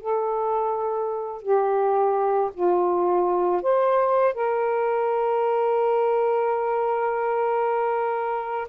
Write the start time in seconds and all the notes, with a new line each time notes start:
0.00 A4
1.42 G4
2.54 F4
3.62 C5
4.34 A#4